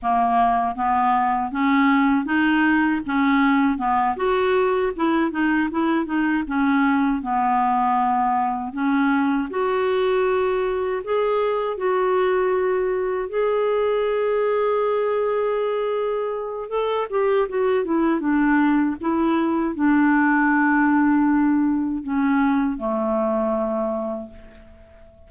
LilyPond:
\new Staff \with { instrumentName = "clarinet" } { \time 4/4 \tempo 4 = 79 ais4 b4 cis'4 dis'4 | cis'4 b8 fis'4 e'8 dis'8 e'8 | dis'8 cis'4 b2 cis'8~ | cis'8 fis'2 gis'4 fis'8~ |
fis'4. gis'2~ gis'8~ | gis'2 a'8 g'8 fis'8 e'8 | d'4 e'4 d'2~ | d'4 cis'4 a2 | }